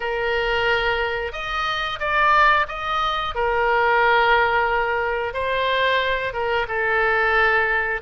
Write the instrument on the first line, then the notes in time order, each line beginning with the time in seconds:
oboe
0.00 A#4
1.32 D#5
1.99 D5
2.68 D#5
3.35 A#4
5.33 C5
6.33 A#4
6.68 A4